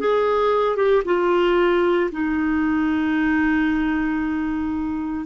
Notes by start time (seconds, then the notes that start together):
0.00 G#4
0.77 G4
1.05 F4
2.12 D#4